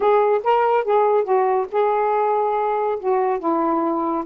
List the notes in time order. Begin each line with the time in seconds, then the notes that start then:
0.00 G#4
0.43 A#4
0.84 G#4
1.23 F#4
1.71 G#4
2.99 F#4
3.39 E4